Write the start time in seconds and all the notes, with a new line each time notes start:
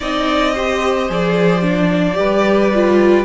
0.00 C4 D#4 D5 D#5
0.53 G4 C5
1.09 F3 G#4 D5
1.62 D4
2.14 G3 G4 B4
2.74 F4